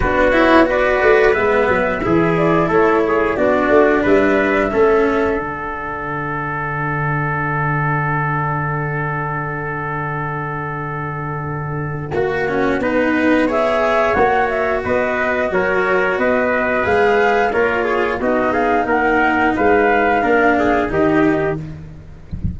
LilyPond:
<<
  \new Staff \with { instrumentName = "flute" } { \time 4/4 \tempo 4 = 89 b'8 cis''8 d''4 e''4. d''8 | cis''4 d''4 e''2 | fis''1~ | fis''1~ |
fis''1 | e''4 fis''8 e''8 dis''4 cis''4 | dis''4 f''4 cis''4 dis''8 f''8 | fis''4 f''2 dis''4 | }
  \new Staff \with { instrumentName = "trumpet" } { \time 4/4 fis'4 b'2 gis'4 | a'8 gis'8 fis'4 b'4 a'4~ | a'1~ | a'1~ |
a'2 fis'4 b'4 | cis''2 b'4 ais'4 | b'2 ais'8 gis'8 fis'8 gis'8 | ais'4 b'4 ais'8 gis'8 g'4 | }
  \new Staff \with { instrumentName = "cello" } { \time 4/4 d'8 e'8 fis'4 b4 e'4~ | e'4 d'2 cis'4 | d'1~ | d'1~ |
d'2 fis'8 cis'8 dis'4 | gis'4 fis'2.~ | fis'4 gis'4 f'4 dis'4~ | dis'2 d'4 dis'4 | }
  \new Staff \with { instrumentName = "tuba" } { \time 4/4 b4. a8 gis8 fis8 e4 | a4 b8 a8 g4 a4 | d1~ | d1~ |
d2 ais4 b4~ | b4 ais4 b4 fis4 | b4 gis4 ais4 b4 | ais4 gis4 ais4 dis4 | }
>>